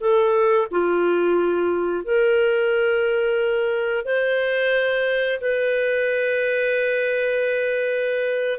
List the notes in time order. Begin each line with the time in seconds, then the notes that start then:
0.00 A4
0.70 F4
2.04 A#4
4.05 C5
5.40 B4